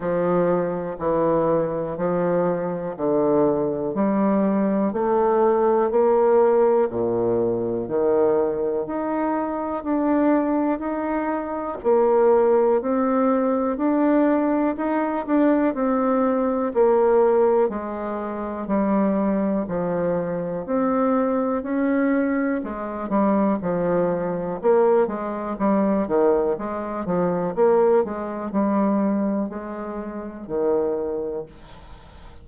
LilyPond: \new Staff \with { instrumentName = "bassoon" } { \time 4/4 \tempo 4 = 61 f4 e4 f4 d4 | g4 a4 ais4 ais,4 | dis4 dis'4 d'4 dis'4 | ais4 c'4 d'4 dis'8 d'8 |
c'4 ais4 gis4 g4 | f4 c'4 cis'4 gis8 g8 | f4 ais8 gis8 g8 dis8 gis8 f8 | ais8 gis8 g4 gis4 dis4 | }